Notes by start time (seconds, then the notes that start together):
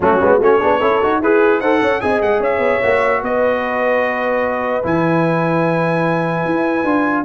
0.00 F#3 A3 C#4 F#4
0.22 G#3 B3
0.37 A3 C#4 F#4 C#5
0.59 B3 D4 G#4
0.79 C#4 E4 A4
1.02 D#4 F#4
1.20 E4 G#4 B4
1.59 D#4 A4 C5 F#5
1.81 C#4 C#5
2.00 C4 G#4 D#5 G#5
2.21 G#3 F#5
2.39 C#4 C#5 E5
2.58 B3
2.83 A#3 F#4
3.21 B3 B4 D#5
4.82 E3 E4 G#5
6.45 E4
6.84 D4 F4